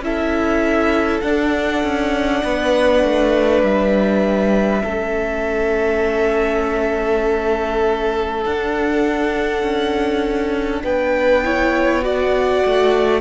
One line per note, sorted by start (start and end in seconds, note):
0.00 1.20 C#4
0.00 1.23 E4
0.00 2.44 A4
0.00 1.21 E5
1.21 4.83 D4
1.21 1.83 D4
1.21 3.60 F#5
1.83 2.43 C#4
2.44 3.03 B3
2.44 4.83 B4
3.03 3.62 A3
3.62 4.82 G3
3.62 8.44 E5
4.83 8.45 A3
4.83 8.46 C#4
4.83 10.83 A4
8.45 9.62 D4
8.45 11.44 D4
8.45 10.84 F#5
9.62 10.82 C#4
10.83 12.63 B3
10.83 11.44 B4
10.83 12.04 G5
11.44 12.03 E4
11.44 12.04 C#5
12.03 13.21 F#4
12.03 13.21 D5
12.03 13.21 F#5
12.65 13.21 A3